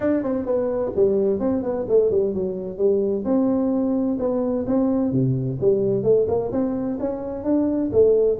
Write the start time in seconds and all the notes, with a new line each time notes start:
0.00 D4
0.23 C4
0.45 B3
0.95 G3
1.39 C4
1.62 B3
1.88 A3
2.10 G3
2.34 F#3
2.77 G3
3.24 C4
4.19 B3
4.66 C4
5.11 C3
5.60 G3
6.03 A3
6.27 A#3
6.51 C4
6.99 C#4
7.44 D4
7.92 A3